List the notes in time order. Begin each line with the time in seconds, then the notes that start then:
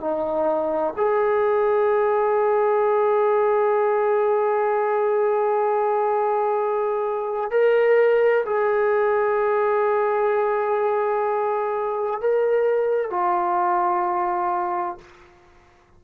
0.00 D#4
0.96 G#4
7.50 A#4
8.45 G#4
12.20 A#4
13.10 F4